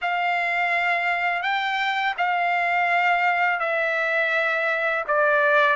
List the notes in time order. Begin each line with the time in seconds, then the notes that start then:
0.01 F5
1.42 G5
2.17 F5
3.59 E5
5.07 D5